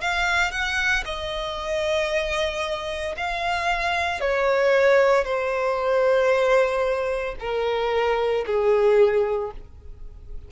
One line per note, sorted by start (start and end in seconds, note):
0.00 0.51 F5
0.51 1.03 F#5
1.04 3.15 D#5
3.17 4.20 F5
4.20 5.24 C#5
5.24 7.35 C5
7.39 8.44 A#4
8.46 9.51 G#4